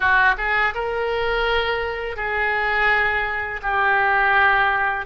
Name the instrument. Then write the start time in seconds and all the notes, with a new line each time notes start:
oboe
0.00 F#4
0.37 G#4
0.74 A#4
2.16 G#4
3.62 G4